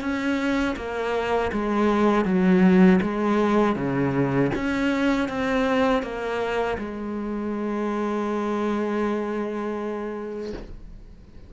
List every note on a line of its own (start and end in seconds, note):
0.00 0.75 C#4
0.76 1.51 A#3
1.52 2.25 G#3
2.25 3.00 F#3
3.01 3.76 G#3
3.76 4.51 C#3
4.54 5.28 C#4
5.28 6.02 C4
6.02 6.77 A#3
6.78 10.53 G#3